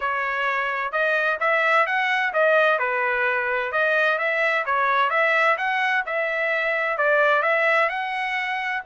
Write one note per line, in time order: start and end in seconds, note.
0.00 0.92 C#5
0.92 1.38 D#5
1.40 1.86 E5
1.86 2.32 F#5
2.33 2.78 D#5
2.78 3.71 B4
3.71 4.18 D#5
4.18 4.64 E5
4.65 5.10 C#5
5.10 5.56 E5
5.57 6.04 F#5
6.06 6.97 E5
6.97 7.42 D5
7.42 7.89 E5
7.89 8.82 F#5